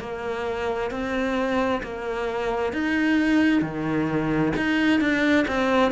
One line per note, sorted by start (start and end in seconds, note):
0.00 0.91 A#3
0.91 1.82 C4
1.83 2.73 A#3
2.73 3.62 D#4
3.62 4.52 D#3
4.57 5.00 D#4
5.00 5.45 D4
5.48 5.92 C4